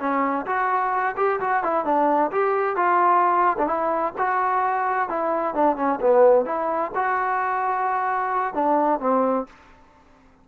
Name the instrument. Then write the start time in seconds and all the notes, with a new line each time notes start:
trombone
0.00 C#4
0.47 F#4
1.17 G4
1.41 F#4
1.64 E4
1.85 D4
2.32 G4
2.77 F4
3.59 D4
3.68 E4
4.18 F#4
5.10 E4
5.55 D4
5.77 C#4
6.01 B3
6.46 E4
6.95 F#4
8.55 D4
9.00 C4